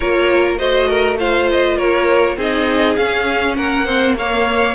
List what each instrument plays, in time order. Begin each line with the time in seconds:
0.00 cello A#3, viola F4, violin A#4 C#5
0.58 cello A3, viola F#4, violin C5 D#5
0.88 violin A#4
1.18 viola F4, violin C5 F5
1.51 violin D#5
1.76 cello A#3, violin A#4 C#5
2.36 cello C4, viola D#4, violin G#4 D#5
2.96 cello C#4, viola C#4, violin F5
3.56 cello A#3, violin A#4 F#5
3.85 viola C4, violin C5
4.17 viola A#3, violin C#5 F5